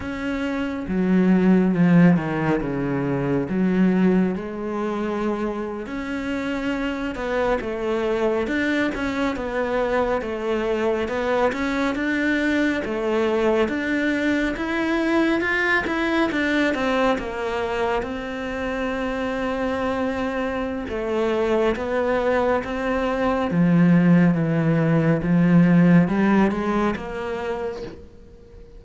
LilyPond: \new Staff \with { instrumentName = "cello" } { \time 4/4 \tempo 4 = 69 cis'4 fis4 f8 dis8 cis4 | fis4 gis4.~ gis16 cis'4~ cis'16~ | cis'16 b8 a4 d'8 cis'8 b4 a16~ | a8. b8 cis'8 d'4 a4 d'16~ |
d'8. e'4 f'8 e'8 d'8 c'8 ais16~ | ais8. c'2.~ c'16 | a4 b4 c'4 f4 | e4 f4 g8 gis8 ais4 | }